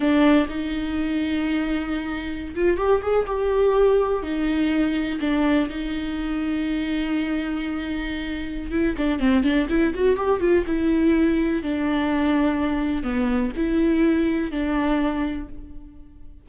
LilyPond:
\new Staff \with { instrumentName = "viola" } { \time 4/4 \tempo 4 = 124 d'4 dis'2.~ | dis'4~ dis'16 f'8 g'8 gis'8 g'4~ g'16~ | g'8. dis'2 d'4 dis'16~ | dis'1~ |
dis'2 e'8 d'8 c'8 d'8 | e'8 fis'8 g'8 f'8 e'2 | d'2. b4 | e'2 d'2 | }